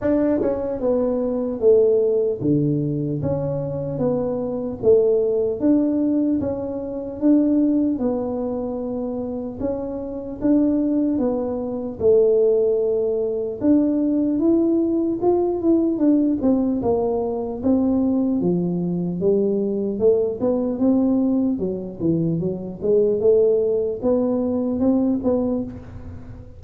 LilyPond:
\new Staff \with { instrumentName = "tuba" } { \time 4/4 \tempo 4 = 75 d'8 cis'8 b4 a4 d4 | cis'4 b4 a4 d'4 | cis'4 d'4 b2 | cis'4 d'4 b4 a4~ |
a4 d'4 e'4 f'8 e'8 | d'8 c'8 ais4 c'4 f4 | g4 a8 b8 c'4 fis8 e8 | fis8 gis8 a4 b4 c'8 b8 | }